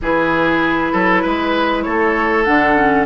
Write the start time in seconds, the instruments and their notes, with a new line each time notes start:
0.01 bassoon E3, clarinet E4, oboe G#4, flute B4
0.92 bassoon F#3, oboe A4
1.22 bassoon G#3, oboe B4
1.82 bassoon A3, oboe A4, flute C#5
2.43 bassoon D3, clarinet D4, flute F#5
2.75 clarinet C#4